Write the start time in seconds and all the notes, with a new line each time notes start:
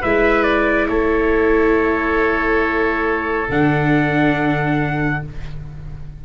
0.00 G#3 E4 B4 E5
0.43 D5
0.88 A3 A4 C#5
3.48 D3 D4 F#5